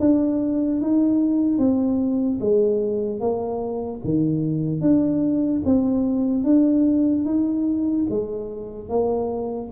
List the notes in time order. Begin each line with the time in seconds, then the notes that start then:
0.00 D4
0.81 D#4
1.58 C4
2.40 G#3
3.20 A#3
4.04 D#3
4.81 D4
5.65 C4
6.44 D4
7.25 D#4
8.10 G#3
8.89 A#3